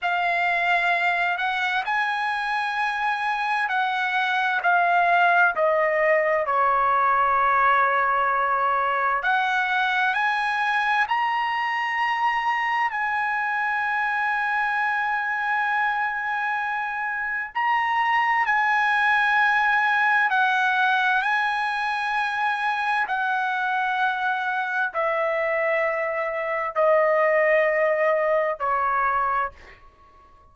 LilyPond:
\new Staff \with { instrumentName = "trumpet" } { \time 4/4 \tempo 4 = 65 f''4. fis''8 gis''2 | fis''4 f''4 dis''4 cis''4~ | cis''2 fis''4 gis''4 | ais''2 gis''2~ |
gis''2. ais''4 | gis''2 fis''4 gis''4~ | gis''4 fis''2 e''4~ | e''4 dis''2 cis''4 | }